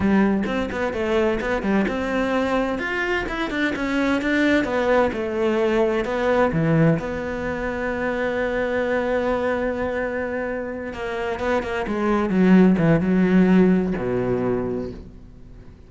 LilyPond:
\new Staff \with { instrumentName = "cello" } { \time 4/4 \tempo 4 = 129 g4 c'8 b8 a4 b8 g8 | c'2 f'4 e'8 d'8 | cis'4 d'4 b4 a4~ | a4 b4 e4 b4~ |
b1~ | b2.~ b8 ais8~ | ais8 b8 ais8 gis4 fis4 e8 | fis2 b,2 | }